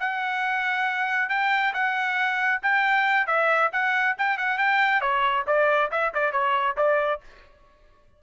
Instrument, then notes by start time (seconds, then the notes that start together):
trumpet
0.00 F#5
1.30 G5
1.74 F#5
2.63 G5
3.27 E5
3.72 F#5
4.18 G5
4.38 F#5
4.58 G5
5.01 C#5
5.47 D5
5.91 E5
6.14 D5
6.32 C#5
6.77 D5